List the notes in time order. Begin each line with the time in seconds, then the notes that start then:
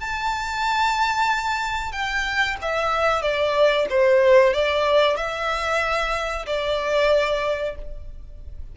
0.00 A5
1.92 G5
2.61 E5
3.21 D5
3.89 C5
4.53 D5
5.16 E5
6.46 D5